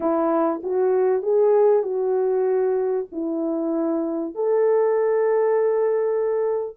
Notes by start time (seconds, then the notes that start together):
0.00 E4
0.63 F#4
1.22 G#4
1.82 F#4
3.12 E4
4.35 A4